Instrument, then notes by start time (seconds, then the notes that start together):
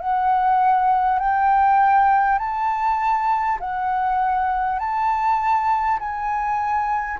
flute
0.00 F#5
1.19 G5
2.39 A5
3.60 F#5
4.79 A5
5.99 G#5